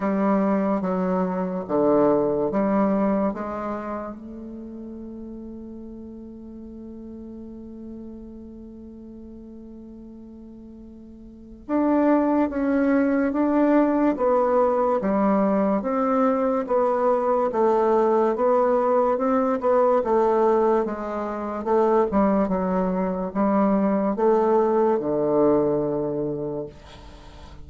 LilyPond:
\new Staff \with { instrumentName = "bassoon" } { \time 4/4 \tempo 4 = 72 g4 fis4 d4 g4 | gis4 a2.~ | a1~ | a2 d'4 cis'4 |
d'4 b4 g4 c'4 | b4 a4 b4 c'8 b8 | a4 gis4 a8 g8 fis4 | g4 a4 d2 | }